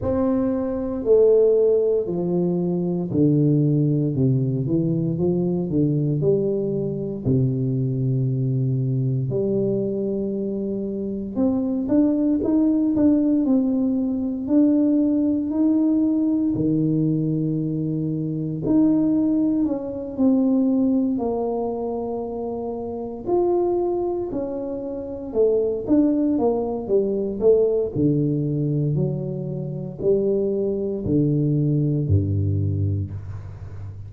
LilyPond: \new Staff \with { instrumentName = "tuba" } { \time 4/4 \tempo 4 = 58 c'4 a4 f4 d4 | c8 e8 f8 d8 g4 c4~ | c4 g2 c'8 d'8 | dis'8 d'8 c'4 d'4 dis'4 |
dis2 dis'4 cis'8 c'8~ | c'8 ais2 f'4 cis'8~ | cis'8 a8 d'8 ais8 g8 a8 d4 | fis4 g4 d4 g,4 | }